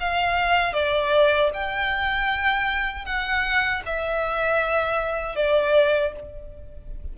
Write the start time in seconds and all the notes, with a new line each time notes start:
0.00 F5
0.73 D5
1.53 G5
3.05 F#5
3.85 E5
5.35 D5